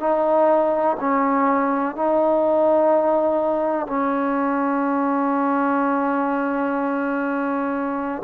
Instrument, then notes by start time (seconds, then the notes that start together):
trombone
0.00 D#4
1.00 C#4
1.96 D#4
3.87 C#4